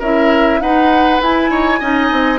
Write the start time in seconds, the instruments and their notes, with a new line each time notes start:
0.00 bassoon C#4, clarinet E4, oboe A#4, flute E5
0.60 bassoon D#4, clarinet D#4, oboe B4, flute F#5
1.21 bassoon E4, clarinet E4, flute G#5
1.51 bassoon D#4, oboe C#5
1.80 bassoon C#4, clarinet D#4, oboe D#5
2.12 bassoon C4